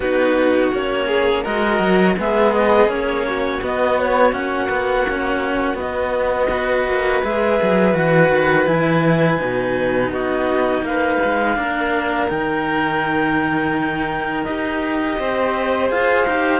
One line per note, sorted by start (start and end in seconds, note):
0.00 0.70 B3
0.00 0.72 D#4
0.00 1.07 F#4
0.00 0.72 B4
0.72 1.45 A#3
0.72 1.44 C#4
0.72 1.44 C#5
1.07 1.43 G#4
1.43 1.79 G#3
1.43 2.16 F#4
1.43 2.15 A#4
1.43 2.16 D#5
1.79 2.15 F#3
2.17 2.86 G#3
2.17 2.88 B3
2.17 3.27 G#4
2.17 2.53 E5
2.53 2.89 D#5
2.86 3.58 A#3
2.86 3.60 C#4
2.86 3.61 C#5
3.28 6.50 F#4
3.61 4.32 B3
3.61 4.33 B3
3.61 3.99 D#5
3.99 4.32 C#5
4.32 5.77 A#3
4.32 4.68 C#4
4.32 5.77 F#5
4.69 5.05 B3
5.09 5.74 C#4
5.74 6.46 B3
5.74 7.23 D#5
5.81 6.86 B3
6.50 7.22 F#4
6.50 10.11 B4
6.86 7.22 A#3
7.23 7.60 G#3
7.23 7.94 G#4
7.23 7.95 E5
7.62 7.94 F#3
7.94 8.29 E3
7.94 8.66 F#4
7.94 8.67 F#5
8.29 8.66 D#3
8.66 9.39 E3
8.66 9.38 E4
8.66 10.11 G#5
9.38 10.09 B2
9.38 11.55 D#4
10.09 10.81 B3
10.09 10.84 F#4
10.09 10.84 D#5
10.81 11.17 A#3
10.81 12.28 F5
10.87 11.57 B4
11.24 11.57 G#3
11.55 12.29 A#3
11.55 12.27 D4
11.55 15.18 A#4
12.28 14.45 D#3
12.28 14.45 D#4
12.28 14.44 G5
14.44 15.18 D#4
14.44 15.89 G4
14.44 15.88 D#5
15.18 15.91 C4
15.18 16.59 C5
15.89 16.25 F4
15.89 16.25 G#4
15.89 16.59 F5
16.25 16.59 D#4
16.25 16.59 G4